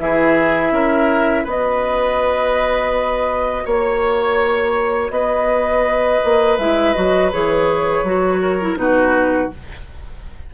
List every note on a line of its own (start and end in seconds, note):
0.00 0.71 E3
0.00 1.47 E4
0.00 0.73 G#4
0.00 1.46 E5
0.71 1.45 C#4
0.71 1.44 A#4
1.44 3.66 B3
1.44 6.59 F#4
1.44 3.64 B4
1.44 3.69 D#5
3.66 5.11 A#3
3.66 5.12 C#5
5.11 6.20 B3
5.11 8.42 B4
5.11 6.58 D#5
6.25 6.59 A#3
6.59 6.95 G#3
6.59 6.95 E4
6.59 6.94 E5
6.94 7.34 F#3
6.94 7.32 F#4
6.94 7.31 D#5
7.33 8.04 E3
7.33 8.06 G#4
7.33 8.78 C#5
8.04 8.77 F#3
8.04 8.61 F#4
8.42 8.79 A#4
8.61 8.77 E4
8.77 9.50 B2
8.77 9.50 D#4
8.77 9.54 F#4
8.77 9.51 B4